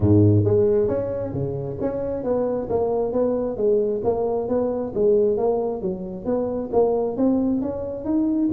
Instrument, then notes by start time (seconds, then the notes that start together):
tuba
0.00 G#2
0.44 G#3
0.88 C#4
1.32 C#3
1.80 C#4
2.23 B3
2.69 A#3
3.12 B3
3.56 G#3
4.04 A#3
4.48 B3
4.94 G#3
5.37 A#3
5.81 F#3
6.25 B3
6.72 A#3
7.16 C4
7.61 C#4
8.04 D#4